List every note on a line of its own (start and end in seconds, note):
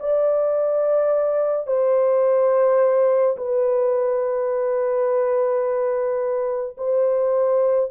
0.00 1.67 D5
1.67 3.37 C5
3.38 6.77 B4
6.78 7.91 C5